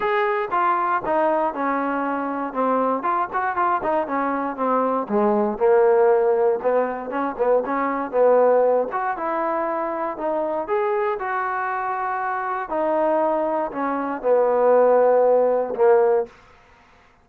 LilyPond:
\new Staff \with { instrumentName = "trombone" } { \time 4/4 \tempo 4 = 118 gis'4 f'4 dis'4 cis'4~ | cis'4 c'4 f'8 fis'8 f'8 dis'8 | cis'4 c'4 gis4 ais4~ | ais4 b4 cis'8 b8 cis'4 |
b4. fis'8 e'2 | dis'4 gis'4 fis'2~ | fis'4 dis'2 cis'4 | b2. ais4 | }